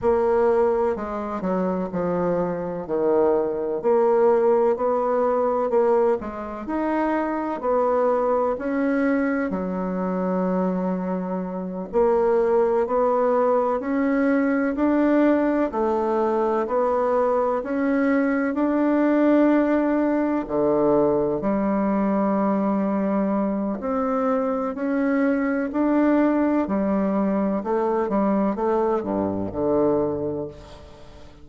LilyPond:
\new Staff \with { instrumentName = "bassoon" } { \time 4/4 \tempo 4 = 63 ais4 gis8 fis8 f4 dis4 | ais4 b4 ais8 gis8 dis'4 | b4 cis'4 fis2~ | fis8 ais4 b4 cis'4 d'8~ |
d'8 a4 b4 cis'4 d'8~ | d'4. d4 g4.~ | g4 c'4 cis'4 d'4 | g4 a8 g8 a8 g,8 d4 | }